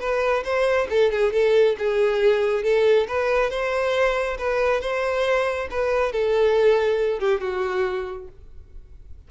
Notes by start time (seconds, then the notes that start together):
0.00 B4
0.44 C5
0.90 A4
1.11 G#4
1.33 A4
1.79 G#4
2.64 A4
3.08 B4
3.50 C5
4.38 B4
4.81 C5
5.71 B4
6.13 A4
7.20 G4
7.41 F#4